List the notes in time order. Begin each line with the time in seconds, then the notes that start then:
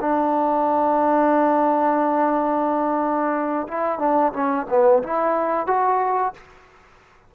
0.00 D4
3.67 E4
3.98 D4
4.32 C#4
4.69 B3
5.03 E4
5.66 F#4